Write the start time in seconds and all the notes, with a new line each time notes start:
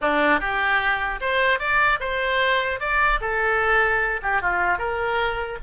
0.01 D4
0.40 G4
1.21 C5
1.59 D5
2.00 C5
2.79 D5
3.20 A4
4.22 G4
4.41 F4
4.78 A#4